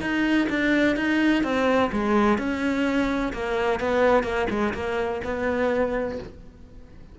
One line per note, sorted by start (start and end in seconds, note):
0.00 0.47 D#4
0.49 0.96 D4
0.96 1.43 D#4
1.43 1.90 C4
1.92 2.38 G#3
2.38 3.32 C#4
3.33 3.80 A#3
3.80 4.23 B3
4.23 4.46 A#3
4.49 4.73 G#3
4.74 5.21 A#3
5.24 6.18 B3